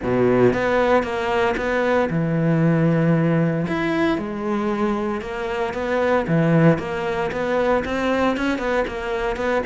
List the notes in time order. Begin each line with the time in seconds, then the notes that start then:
0.03 B2
0.53 B3
1.03 A#3
1.57 B3
2.10 E3
3.67 E4
4.18 G#3
5.21 A#3
5.73 B3
6.27 E3
6.78 A#3
7.31 B3
7.84 C4
8.36 C#4
8.58 B3
8.87 A#3
9.36 B3